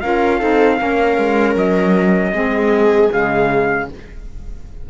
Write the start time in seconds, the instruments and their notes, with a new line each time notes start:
0.00 cello C#4, saxophone F4, viola A#4, trumpet F5
0.39 cello C4, saxophone D#4, viola A4
0.78 cello A#3, saxophone C#4, viola A#4
1.17 cello G#3
1.55 cello F#3, trumpet D#5
2.32 cello G#3, saxophone C4, viola G#4
3.10 cello C#3, saxophone G#3, trumpet F5